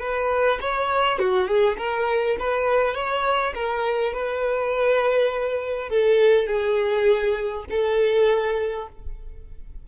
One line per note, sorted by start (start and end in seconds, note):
0.00 0.59 B4
0.61 1.19 C#5
1.19 1.48 F#4
1.48 1.77 G#4
1.78 2.37 A#4
2.40 2.94 B4
2.94 3.53 C#5
3.55 4.13 A#4
4.13 5.89 B4
5.89 6.47 A4
6.47 7.65 G#4
7.70 8.88 A4